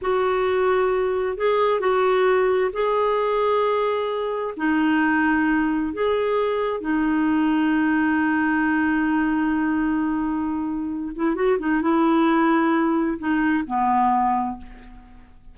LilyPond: \new Staff \with { instrumentName = "clarinet" } { \time 4/4 \tempo 4 = 132 fis'2. gis'4 | fis'2 gis'2~ | gis'2 dis'2~ | dis'4 gis'2 dis'4~ |
dis'1~ | dis'1~ | dis'8 e'8 fis'8 dis'8 e'2~ | e'4 dis'4 b2 | }